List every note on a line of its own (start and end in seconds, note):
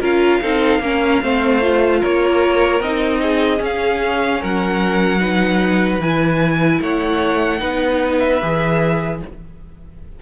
0.00 0.41 C#4
0.00 0.41 F4
0.00 0.40 A#4
0.00 2.04 F5
0.42 0.79 C4
0.42 0.82 D#4
0.42 0.82 A4
0.79 1.19 A#3
0.79 1.22 C#4
0.79 1.23 A#4
1.22 2.02 A3
1.22 1.61 C4
1.22 2.00 C5
1.61 2.81 F4
2.00 2.80 A#3
2.00 3.20 A#4
2.00 2.82 C#5
2.80 3.60 C4
2.80 3.58 D#4
2.80 3.62 D#5
3.22 4.41 G#4
3.58 5.18 C#4
3.58 4.41 C#4
3.65 4.44 F5
4.41 5.99 F#3
4.41 5.20 A#4
4.41 6.01 F#5
5.20 6.00 D#4
5.20 6.80 B4
5.99 6.79 E3
5.99 7.59 E4
5.99 6.81 G#5
6.81 7.61 A3
6.81 7.60 C#5
6.81 8.19 F#5
7.59 8.41 B3
7.59 8.39 D#4
7.59 9.20 B4
8.19 9.19 E5
8.42 9.22 E3
8.42 9.22 G#4